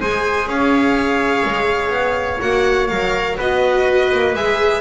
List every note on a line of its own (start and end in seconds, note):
0.00 0.47 G#3
0.00 2.40 G#4
0.00 0.48 C5
0.00 0.48 G#5
0.47 1.44 C#4
0.47 3.37 C#5
0.47 2.41 F5
1.45 1.89 G#3
1.89 2.38 B3
2.40 2.90 A#3
2.40 2.88 F#4
2.40 2.87 F#5
2.87 3.39 F#3
2.87 3.39 A#4
2.87 3.36 F5
3.37 4.12 B3
3.37 4.35 F#4
3.37 4.81 B4
3.37 4.35 D#5
4.13 4.35 A#3
4.35 4.81 G#3
4.35 4.81 G#4
4.35 4.81 E5